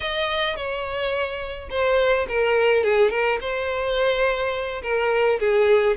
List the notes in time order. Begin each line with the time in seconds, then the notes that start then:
0.00 D#5
0.56 C#5
1.70 C5
2.28 A#4
2.83 G#4
3.10 A#4
3.40 C5
4.82 A#4
5.39 G#4